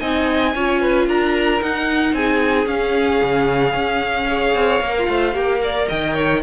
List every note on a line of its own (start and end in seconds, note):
0.00 0.55 C4
0.00 0.55 D#4
0.00 0.54 D#5
0.00 1.07 G#5
0.55 1.08 C#4
0.55 1.61 F4
0.55 0.81 C#5
0.81 1.08 B4
1.08 1.61 D4
1.08 2.15 A#4
1.08 1.62 A#5
1.61 2.67 D#4
1.61 2.13 D#4
1.61 2.15 F#5
2.13 2.66 C4
2.13 4.28 G#4
2.13 2.68 G#5
2.66 3.20 C#4
2.66 4.27 C#4
2.66 5.89 F5
3.23 3.74 C#3
3.74 4.55 C#4
4.28 4.82 G#4
4.28 4.95 C#5
4.55 4.81 C4
4.81 5.08 A#3
4.81 5.10 A#4
4.99 5.34 F4
5.08 5.35 A3
5.08 5.36 C5
5.34 5.88 A#3
5.34 5.61 G4
5.34 6.43 A#4
5.64 5.89 D5
5.89 6.43 D#3
5.89 6.15 D#5
5.89 6.43 G5
6.15 6.41 C#5